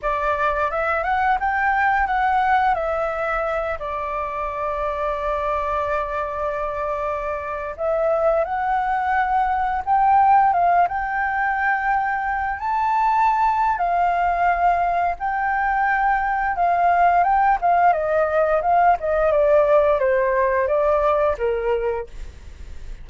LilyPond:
\new Staff \with { instrumentName = "flute" } { \time 4/4 \tempo 4 = 87 d''4 e''8 fis''8 g''4 fis''4 | e''4. d''2~ d''8~ | d''2.~ d''16 e''8.~ | e''16 fis''2 g''4 f''8 g''16~ |
g''2~ g''16 a''4.~ a''16 | f''2 g''2 | f''4 g''8 f''8 dis''4 f''8 dis''8 | d''4 c''4 d''4 ais'4 | }